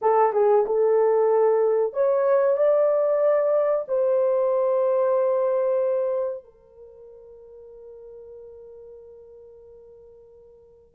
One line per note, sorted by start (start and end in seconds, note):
0.01 0.33 A4
0.33 0.65 G#4
0.66 1.93 A4
1.93 2.56 C#5
2.56 3.85 D5
3.87 6.44 C5
6.44 10.94 A#4